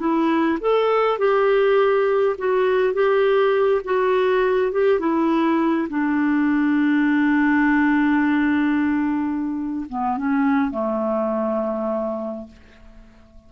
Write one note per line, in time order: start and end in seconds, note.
0.00 0.59 E4
0.61 1.19 A4
1.19 2.36 G4
2.38 2.94 F#4
2.94 3.82 G4
3.85 4.72 F#4
4.72 5.00 G4
5.00 5.88 E4
5.89 9.86 D4
9.90 10.18 B3
10.18 10.71 C#4
10.71 12.48 A3